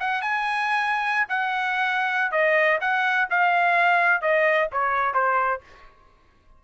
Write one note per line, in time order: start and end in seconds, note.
0.00 0.22 F#5
0.22 1.27 G#5
1.29 2.32 F#5
2.32 2.78 D#5
2.81 3.28 F#5
3.30 4.21 F5
4.21 4.68 D#5
4.72 5.14 C#5
5.14 5.61 C5